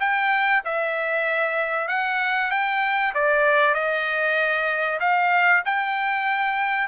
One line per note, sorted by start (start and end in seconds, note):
0.00 0.62 G5
0.65 1.88 E5
1.88 2.51 F#5
2.51 3.13 G5
3.14 3.74 D5
3.74 4.99 D#5
5.00 5.62 F5
5.65 6.88 G5